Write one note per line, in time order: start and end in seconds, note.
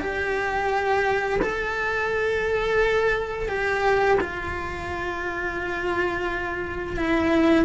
0.00 1.40 G4
1.41 3.49 A4
3.49 4.18 G4
4.21 6.96 F4
6.96 7.65 E4